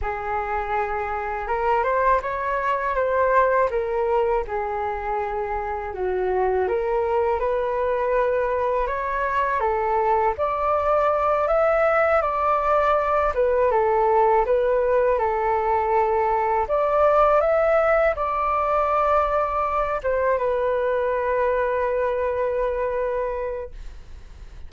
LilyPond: \new Staff \with { instrumentName = "flute" } { \time 4/4 \tempo 4 = 81 gis'2 ais'8 c''8 cis''4 | c''4 ais'4 gis'2 | fis'4 ais'4 b'2 | cis''4 a'4 d''4. e''8~ |
e''8 d''4. b'8 a'4 b'8~ | b'8 a'2 d''4 e''8~ | e''8 d''2~ d''8 c''8 b'8~ | b'1 | }